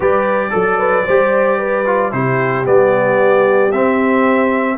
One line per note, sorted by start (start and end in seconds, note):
0.00 0.51 G3
0.00 0.50 G4
0.00 0.50 B4
0.00 2.12 D5
0.50 1.07 F#3
0.50 1.03 A4
0.50 0.78 A4
0.78 1.05 B4
1.05 2.12 G3
1.05 1.85 G4
1.05 1.58 C5
1.58 2.11 B4
1.85 2.12 F4
2.12 2.65 C3
2.12 2.64 E4
2.12 4.77 G4
2.12 2.65 C5
2.64 3.72 G3
2.64 3.71 B3
2.64 3.71 D5
3.71 4.77 C4
3.71 4.77 E5